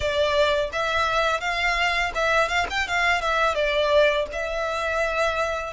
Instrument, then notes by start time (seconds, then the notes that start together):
violin
0.00 D5
0.72 E5
1.40 F5
2.14 E5
2.48 F5
2.69 G5
2.87 F5
3.21 E5
3.55 D5
4.32 E5